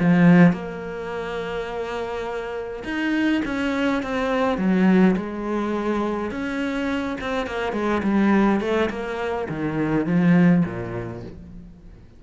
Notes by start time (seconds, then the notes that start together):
0.00 F3
0.53 A#3
2.84 D#4
3.45 C#4
4.03 C4
4.58 F#3
5.17 G#3
6.31 C#4
7.21 C4
7.47 A#3
7.73 G#3
8.03 G3
8.61 A3
8.90 A#3
9.50 D#3
10.06 F3
10.66 A#2